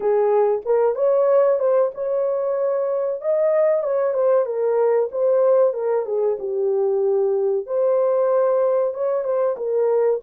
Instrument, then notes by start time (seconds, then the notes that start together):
horn
0.00 G#4
0.65 A#4
0.95 C#5
1.59 C5
1.94 C#5
3.21 D#5
3.83 C#5
4.13 C5
4.45 A#4
5.11 C5
5.73 A#4
6.05 G#4
6.39 G4
7.66 C5
8.94 C#5
9.23 C5
9.56 A#4